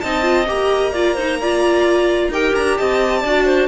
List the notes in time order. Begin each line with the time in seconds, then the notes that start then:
0.00 C4 D#4 D#5 A5
0.22 F4
0.47 A#3 G4 A#5
0.92 F4 D5
1.15 D#4 C5
1.41 F4 D5
2.28 D#4 G4 A#4 G5
2.55 D4 A#5
2.77 C4 D#5 A5
3.20 D4 F#4 D5
3.45 C5